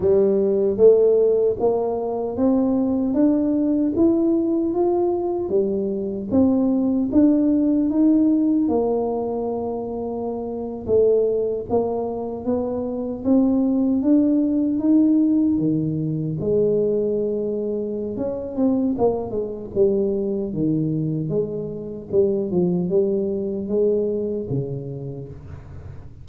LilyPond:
\new Staff \with { instrumentName = "tuba" } { \time 4/4 \tempo 4 = 76 g4 a4 ais4 c'4 | d'4 e'4 f'4 g4 | c'4 d'4 dis'4 ais4~ | ais4.~ ais16 a4 ais4 b16~ |
b8. c'4 d'4 dis'4 dis16~ | dis8. gis2~ gis16 cis'8 c'8 | ais8 gis8 g4 dis4 gis4 | g8 f8 g4 gis4 cis4 | }